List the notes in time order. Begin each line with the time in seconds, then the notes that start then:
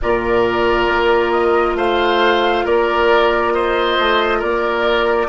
0.01 A#2 F4 A#4 D5
0.88 A#3
1.31 D#5
1.75 A3 C5 F5
2.64 A#3 A#4 D5
3.53 C5 D#5
3.98 A3
4.38 A#3 A#4 D5